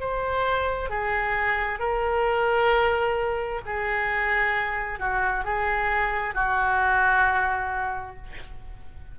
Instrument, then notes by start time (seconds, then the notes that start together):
oboe
0.00 C5
0.89 G#4
1.79 A#4
3.65 G#4
4.99 F#4
5.45 G#4
6.34 F#4